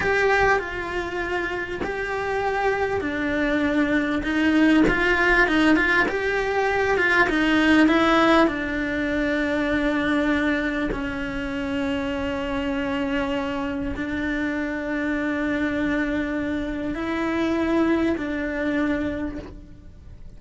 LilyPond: \new Staff \with { instrumentName = "cello" } { \time 4/4 \tempo 4 = 99 g'4 f'2 g'4~ | g'4 d'2 dis'4 | f'4 dis'8 f'8 g'4. f'8 | dis'4 e'4 d'2~ |
d'2 cis'2~ | cis'2. d'4~ | d'1 | e'2 d'2 | }